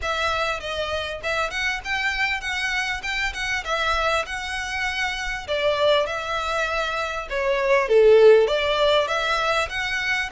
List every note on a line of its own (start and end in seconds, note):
0.02 0.60 E5
0.60 1.20 D#5
1.23 1.50 E5
1.50 1.80 F#5
1.84 2.40 G5
2.40 3.01 F#5
3.02 3.33 G5
3.33 3.64 F#5
3.64 4.25 E5
4.26 5.47 F#5
5.47 6.06 D5
6.06 7.27 E5
7.29 7.88 C#5
7.88 8.47 A4
8.47 9.07 D5
9.07 9.68 E5
9.69 10.29 F#5